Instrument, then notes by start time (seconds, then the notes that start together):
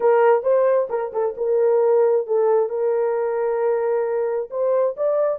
horn
0.00 A#4
0.42 C5
0.89 A#4
1.12 A4
1.37 A#4
2.26 A4
2.69 A#4
4.50 C5
4.96 D5